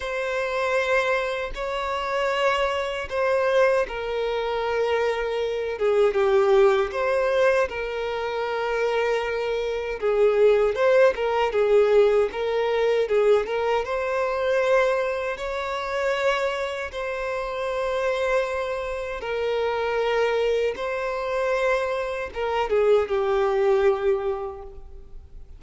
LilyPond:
\new Staff \with { instrumentName = "violin" } { \time 4/4 \tempo 4 = 78 c''2 cis''2 | c''4 ais'2~ ais'8 gis'8 | g'4 c''4 ais'2~ | ais'4 gis'4 c''8 ais'8 gis'4 |
ais'4 gis'8 ais'8 c''2 | cis''2 c''2~ | c''4 ais'2 c''4~ | c''4 ais'8 gis'8 g'2 | }